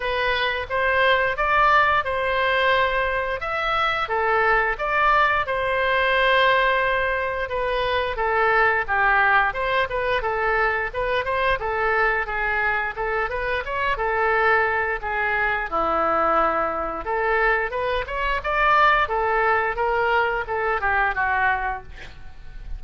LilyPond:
\new Staff \with { instrumentName = "oboe" } { \time 4/4 \tempo 4 = 88 b'4 c''4 d''4 c''4~ | c''4 e''4 a'4 d''4 | c''2. b'4 | a'4 g'4 c''8 b'8 a'4 |
b'8 c''8 a'4 gis'4 a'8 b'8 | cis''8 a'4. gis'4 e'4~ | e'4 a'4 b'8 cis''8 d''4 | a'4 ais'4 a'8 g'8 fis'4 | }